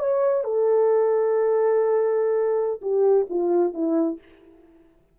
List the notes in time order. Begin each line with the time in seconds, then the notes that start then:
0.00 C#5
0.44 A4
2.82 G4
3.30 F4
3.74 E4